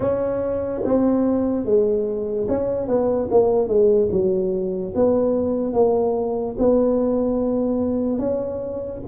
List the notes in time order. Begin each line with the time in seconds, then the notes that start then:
0.00 C#4
0.84 C4
1.65 G#3
2.48 C#4
2.87 B3
3.30 A#3
3.68 G#3
4.11 F#3
4.95 B3
5.73 A#3
6.58 B3
8.18 C#4